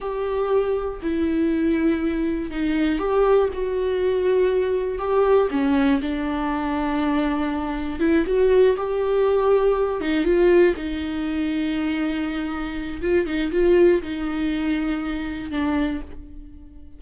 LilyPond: \new Staff \with { instrumentName = "viola" } { \time 4/4 \tempo 4 = 120 g'2 e'2~ | e'4 dis'4 g'4 fis'4~ | fis'2 g'4 cis'4 | d'1 |
e'8 fis'4 g'2~ g'8 | dis'8 f'4 dis'2~ dis'8~ | dis'2 f'8 dis'8 f'4 | dis'2. d'4 | }